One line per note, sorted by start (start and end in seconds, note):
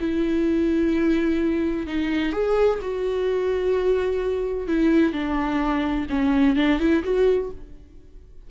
0.00 1.87 E4
1.87 2.32 D#4
2.32 2.79 G#4
2.82 4.68 F#4
4.68 5.13 E4
5.13 6.07 D4
6.10 6.56 C#4
6.56 6.79 D4
6.80 7.03 E4
7.04 7.50 F#4